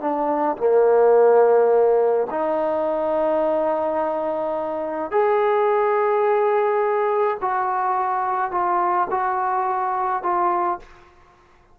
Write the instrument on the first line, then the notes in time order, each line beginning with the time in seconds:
trombone
0.00 D4
0.57 A#3
2.30 D#4
5.11 G#4
7.41 F#4
8.51 F4
9.10 F#4
10.22 F4